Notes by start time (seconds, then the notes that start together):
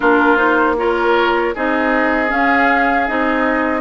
0.00 A#3 D4 F4 A#4
0.36 D#4 C5
0.77 F4 A#4 C#5
1.54 C4 D#4 G#4 D#5
2.27 C#4 F5
3.07 C4 D#4 D#5